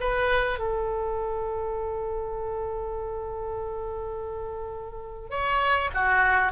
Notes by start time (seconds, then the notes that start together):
0.00 B4
0.59 A4
5.30 C#5
5.94 F#4